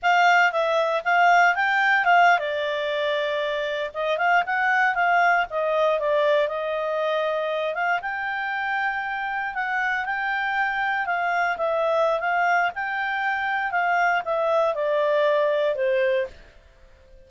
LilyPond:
\new Staff \with { instrumentName = "clarinet" } { \time 4/4 \tempo 4 = 118 f''4 e''4 f''4 g''4 | f''8. d''2. dis''16~ | dis''16 f''8 fis''4 f''4 dis''4 d''16~ | d''8. dis''2~ dis''8 f''8 g''16~ |
g''2~ g''8. fis''4 g''16~ | g''4.~ g''16 f''4 e''4~ e''16 | f''4 g''2 f''4 | e''4 d''2 c''4 | }